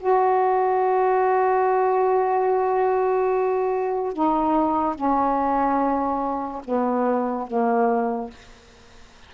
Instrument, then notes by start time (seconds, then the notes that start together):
saxophone
0.00 F#4
4.14 D#4
4.95 C#4
6.65 B3
7.47 A#3